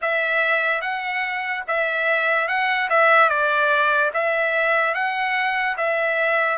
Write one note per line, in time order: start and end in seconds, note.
0.01 0.81 E5
0.81 1.63 F#5
1.67 2.47 E5
2.47 2.88 F#5
2.90 3.29 E5
3.29 4.11 D5
4.13 4.94 E5
4.94 5.76 F#5
5.77 6.58 E5